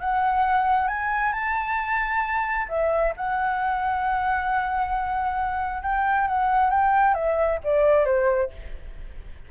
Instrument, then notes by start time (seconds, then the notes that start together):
flute
0.00 F#5
0.88 G#5
1.32 A5
2.69 E5
3.17 F#5
5.82 G5
6.27 F#5
6.70 G5
7.14 E5
7.64 D5
8.05 C5